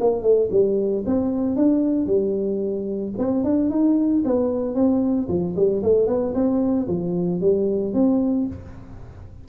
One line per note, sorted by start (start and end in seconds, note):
0.00 0.22 A#3
0.22 0.49 A3
0.51 1.04 G3
1.06 1.56 C4
1.56 2.07 D4
2.07 3.13 G3
3.18 3.44 C4
3.44 3.70 D4
3.70 4.23 D#4
4.25 4.75 B3
4.75 5.28 C4
5.29 5.55 F3
5.56 5.82 G3
5.83 6.07 A3
6.07 6.34 B3
6.34 6.87 C4
6.88 7.41 F3
7.41 7.94 G3
7.94 8.47 C4